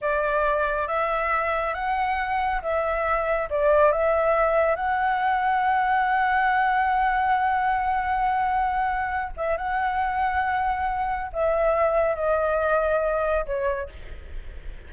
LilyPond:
\new Staff \with { instrumentName = "flute" } { \time 4/4 \tempo 4 = 138 d''2 e''2 | fis''2 e''2 | d''4 e''2 fis''4~ | fis''1~ |
fis''1~ | fis''4. e''8 fis''2~ | fis''2 e''2 | dis''2. cis''4 | }